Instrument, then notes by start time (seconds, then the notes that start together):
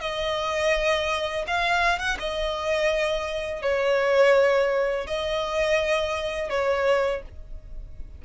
violin
0.00 D#5
1.47 F5
1.98 F#5
2.19 D#5
3.62 C#5
5.06 D#5
6.49 C#5